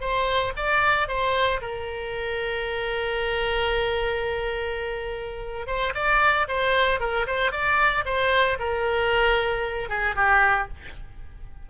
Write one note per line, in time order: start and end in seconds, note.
0.00 0.53 C5
0.56 1.08 D5
1.08 1.61 C5
1.61 5.67 A#4
5.67 5.93 C5
5.94 6.47 D5
6.48 7.00 C5
7.00 7.26 A#4
7.27 7.51 C5
7.51 8.04 D5
8.05 8.58 C5
8.59 9.89 A#4
9.89 10.15 G#4
10.15 10.68 G4